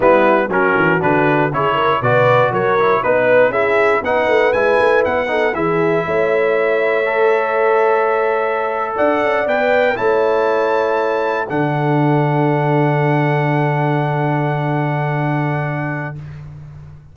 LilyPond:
<<
  \new Staff \with { instrumentName = "trumpet" } { \time 4/4 \tempo 4 = 119 b'4 ais'4 b'4 cis''4 | d''4 cis''4 b'4 e''4 | fis''4 gis''4 fis''4 e''4~ | e''1~ |
e''4.~ e''16 fis''4 g''4 a''16~ | a''2~ a''8. fis''4~ fis''16~ | fis''1~ | fis''1 | }
  \new Staff \with { instrumentName = "horn" } { \time 4/4 e'4 fis'2 gis'8 ais'8 | b'4 ais'4 b'4 gis'4 | b'2~ b'8 a'8 gis'4 | cis''1~ |
cis''4.~ cis''16 d''2 cis''16~ | cis''2~ cis''8. a'4~ a'16~ | a'1~ | a'1 | }
  \new Staff \with { instrumentName = "trombone" } { \time 4/4 b4 cis'4 d'4 e'4 | fis'4. e'8 dis'4 e'4 | dis'4 e'4. dis'8 e'4~ | e'2 a'2~ |
a'2~ a'8. b'4 e'16~ | e'2~ e'8. d'4~ d'16~ | d'1~ | d'1 | }
  \new Staff \with { instrumentName = "tuba" } { \time 4/4 g4 fis8 e8 d4 cis4 | b,4 fis4 b4 cis'4 | b8 a8 gis8 a8 b4 e4 | a1~ |
a4.~ a16 d'8 cis'8 b4 a16~ | a2~ a8. d4~ d16~ | d1~ | d1 | }
>>